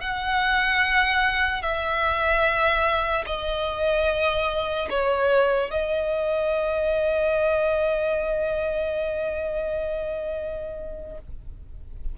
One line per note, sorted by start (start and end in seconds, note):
0.00 1.62 F#5
1.62 3.24 E5
3.26 4.88 D#5
4.89 5.70 C#5
5.70 11.18 D#5